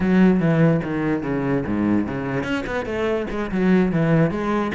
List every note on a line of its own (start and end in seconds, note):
0.00 0.39 F#3
0.39 0.81 E3
0.83 1.23 D#3
1.23 1.64 C#3
1.66 2.06 G#2
2.06 2.43 C#3
2.43 2.64 C#4
2.66 2.85 B3
2.85 3.26 A3
3.30 3.50 G#3
3.51 3.92 F#3
3.92 4.30 E3
4.30 4.71 G#3